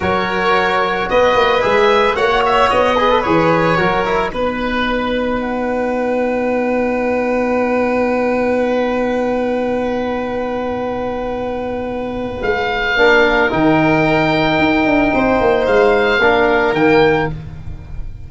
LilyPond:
<<
  \new Staff \with { instrumentName = "oboe" } { \time 4/4 \tempo 4 = 111 cis''2 dis''4 e''4 | fis''8 e''8 dis''4 cis''2 | b'2 fis''2~ | fis''1~ |
fis''1~ | fis''2. f''4~ | f''4 g''2.~ | g''4 f''2 g''4 | }
  \new Staff \with { instrumentName = "violin" } { \time 4/4 ais'2 b'2 | cis''4. b'4. ais'4 | b'1~ | b'1~ |
b'1~ | b'1 | ais'1 | c''2 ais'2 | }
  \new Staff \with { instrumentName = "trombone" } { \time 4/4 fis'2. gis'4 | fis'4. gis'16 a'16 gis'4 fis'8 e'8 | dis'1~ | dis'1~ |
dis'1~ | dis'1 | d'4 dis'2.~ | dis'2 d'4 ais4 | }
  \new Staff \with { instrumentName = "tuba" } { \time 4/4 fis2 b8 ais8 gis4 | ais4 b4 e4 fis4 | b1~ | b1~ |
b1~ | b2. gis4 | ais4 dis2 dis'8 d'8 | c'8 ais8 gis4 ais4 dis4 | }
>>